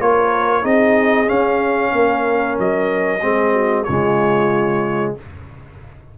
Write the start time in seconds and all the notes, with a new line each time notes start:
0.00 A#3 F4 A#4 C#5
0.61 C4 D#4 G#4 D#5
1.26 C#4 F5
1.92 A#3 A#4
2.58 F#3 D#5
3.21 G#3 C4 G#4
3.53 F#4
3.84 C#3 G#3 F4 C#5